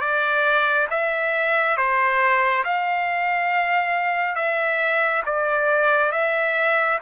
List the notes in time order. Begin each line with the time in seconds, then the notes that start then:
0.00 D5
0.90 E5
1.77 C5
2.64 F5
4.35 E5
5.26 D5
6.11 E5